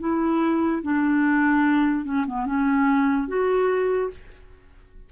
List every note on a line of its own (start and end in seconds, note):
0.00 0.82 E4
0.83 2.05 D4
2.05 2.26 C#4
2.27 2.46 B3
2.46 3.28 C#4
3.28 4.10 F#4